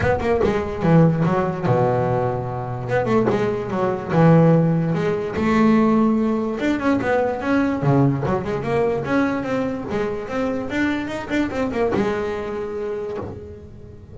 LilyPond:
\new Staff \with { instrumentName = "double bass" } { \time 4/4 \tempo 4 = 146 b8 ais8 gis4 e4 fis4 | b,2. b8 a8 | gis4 fis4 e2 | gis4 a2. |
d'8 cis'8 b4 cis'4 cis4 | fis8 gis8 ais4 cis'4 c'4 | gis4 c'4 d'4 dis'8 d'8 | c'8 ais8 gis2. | }